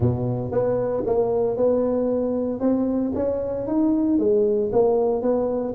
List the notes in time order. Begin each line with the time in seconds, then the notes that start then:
0.00 B2
0.51 B3
1.06 A#3
1.57 B3
2.59 C4
3.14 C#4
3.67 D#4
4.19 G#3
4.72 A#3
5.22 B3